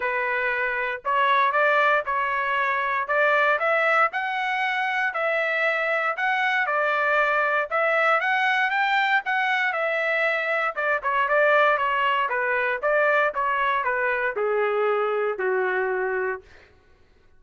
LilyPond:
\new Staff \with { instrumentName = "trumpet" } { \time 4/4 \tempo 4 = 117 b'2 cis''4 d''4 | cis''2 d''4 e''4 | fis''2 e''2 | fis''4 d''2 e''4 |
fis''4 g''4 fis''4 e''4~ | e''4 d''8 cis''8 d''4 cis''4 | b'4 d''4 cis''4 b'4 | gis'2 fis'2 | }